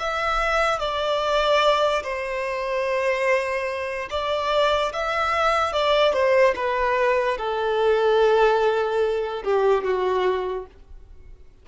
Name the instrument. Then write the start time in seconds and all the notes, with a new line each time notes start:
violin
0.00 E5
0.80 D5
2.04 C5
4.11 D5
4.94 E5
5.73 D5
6.13 C5
6.56 B4
7.38 A4
9.44 G4
9.84 F#4